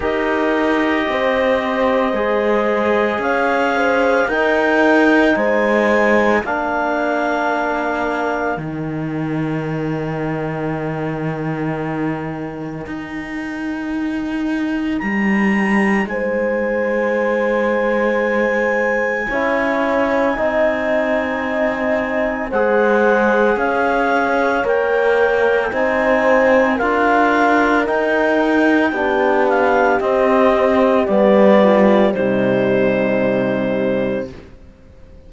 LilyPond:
<<
  \new Staff \with { instrumentName = "clarinet" } { \time 4/4 \tempo 4 = 56 dis''2. f''4 | g''4 gis''4 f''2 | g''1~ | g''2 ais''4 gis''4~ |
gis''1~ | gis''4 fis''4 f''4 g''4 | gis''4 f''4 g''4. f''8 | dis''4 d''4 c''2 | }
  \new Staff \with { instrumentName = "horn" } { \time 4/4 ais'4 c''2 cis''8 c''8 | ais'4 c''4 ais'2~ | ais'1~ | ais'2. c''4~ |
c''2 cis''4 dis''4~ | dis''4 c''4 cis''2 | c''4 ais'2 g'4~ | g'4. f'8 dis'2 | }
  \new Staff \with { instrumentName = "trombone" } { \time 4/4 g'2 gis'2 | dis'2 d'2 | dis'1~ | dis'1~ |
dis'2 e'4 dis'4~ | dis'4 gis'2 ais'4 | dis'4 f'4 dis'4 d'4 | c'4 b4 g2 | }
  \new Staff \with { instrumentName = "cello" } { \time 4/4 dis'4 c'4 gis4 cis'4 | dis'4 gis4 ais2 | dis1 | dis'2 g4 gis4~ |
gis2 cis'4 c'4~ | c'4 gis4 cis'4 ais4 | c'4 d'4 dis'4 b4 | c'4 g4 c2 | }
>>